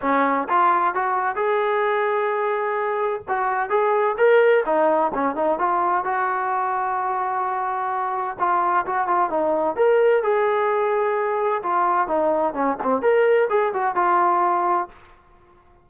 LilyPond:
\new Staff \with { instrumentName = "trombone" } { \time 4/4 \tempo 4 = 129 cis'4 f'4 fis'4 gis'4~ | gis'2. fis'4 | gis'4 ais'4 dis'4 cis'8 dis'8 | f'4 fis'2.~ |
fis'2 f'4 fis'8 f'8 | dis'4 ais'4 gis'2~ | gis'4 f'4 dis'4 cis'8 c'8 | ais'4 gis'8 fis'8 f'2 | }